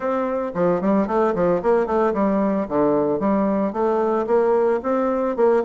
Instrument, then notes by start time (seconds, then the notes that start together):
bassoon
0.00 C4
0.54 F3
0.81 G3
1.07 A3
1.34 F3
1.62 A#3
1.86 A3
2.13 G3
2.68 D3
3.19 G3
3.72 A3
4.27 A#3
4.83 C4
5.36 A#3